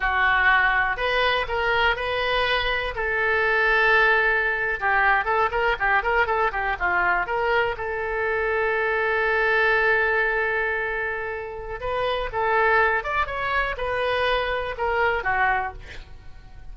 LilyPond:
\new Staff \with { instrumentName = "oboe" } { \time 4/4 \tempo 4 = 122 fis'2 b'4 ais'4 | b'2 a'2~ | a'4.~ a'16 g'4 a'8 ais'8 g'16~ | g'16 ais'8 a'8 g'8 f'4 ais'4 a'16~ |
a'1~ | a'1 | b'4 a'4. d''8 cis''4 | b'2 ais'4 fis'4 | }